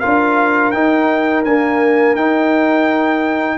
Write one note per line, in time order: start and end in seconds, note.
0.00 0.74 D4
0.00 0.73 F4
0.00 3.57 A#4
0.00 0.72 F5
0.72 1.45 D#4
0.72 1.46 D#4
0.72 1.43 G5
1.44 2.18 A#3
1.44 2.15 D4
1.44 2.16 G#5
2.15 3.58 D#4
2.15 3.58 G5